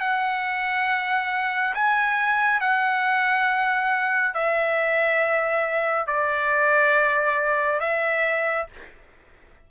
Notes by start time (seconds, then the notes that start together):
0.00 F#5
1.74 G#5
2.60 F#5
4.34 E5
6.06 D5
7.80 E5